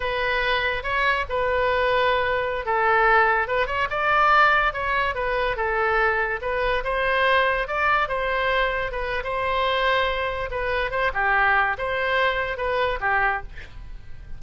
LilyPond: \new Staff \with { instrumentName = "oboe" } { \time 4/4 \tempo 4 = 143 b'2 cis''4 b'4~ | b'2~ b'16 a'4.~ a'16~ | a'16 b'8 cis''8 d''2 cis''8.~ | cis''16 b'4 a'2 b'8.~ |
b'16 c''2 d''4 c''8.~ | c''4~ c''16 b'8. c''2~ | c''4 b'4 c''8 g'4. | c''2 b'4 g'4 | }